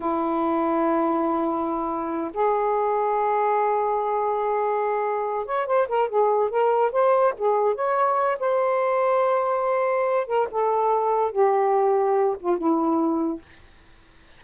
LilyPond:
\new Staff \with { instrumentName = "saxophone" } { \time 4/4 \tempo 4 = 143 e'1~ | e'4. gis'2~ gis'8~ | gis'1~ | gis'4 cis''8 c''8 ais'8 gis'4 ais'8~ |
ais'8 c''4 gis'4 cis''4. | c''1~ | c''8 ais'8 a'2 g'4~ | g'4. f'8 e'2 | }